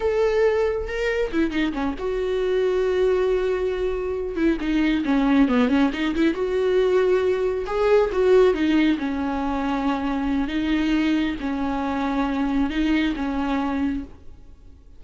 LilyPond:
\new Staff \with { instrumentName = "viola" } { \time 4/4 \tempo 4 = 137 a'2 ais'4 e'8 dis'8 | cis'8 fis'2.~ fis'8~ | fis'2 e'8 dis'4 cis'8~ | cis'8 b8 cis'8 dis'8 e'8 fis'4.~ |
fis'4. gis'4 fis'4 dis'8~ | dis'8 cis'2.~ cis'8 | dis'2 cis'2~ | cis'4 dis'4 cis'2 | }